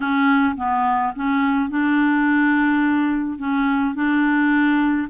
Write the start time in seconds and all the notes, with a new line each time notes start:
0.00 C#4
0.57 B3
1.15 C#4
1.69 D4
3.38 C#4
3.94 D4